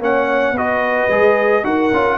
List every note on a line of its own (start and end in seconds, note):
0.00 0.52 A#3
0.00 0.55 C#4
0.00 0.55 C#5
0.00 0.57 F#5
0.52 1.07 B3
0.52 1.10 F#4
0.52 1.64 B4
0.52 1.65 D#5
1.10 1.64 G#3
1.10 1.64 G#4
1.64 1.91 D#4
1.64 1.91 F#4
1.64 2.18 A#4
1.64 2.18 F#5
1.93 2.18 C#4
1.93 2.18 F4